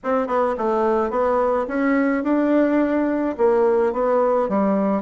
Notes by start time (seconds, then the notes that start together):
0.03 C4
0.27 B3
0.57 A3
1.10 B3
1.67 C#4
2.23 D4
3.37 A#3
3.93 B3
4.48 G3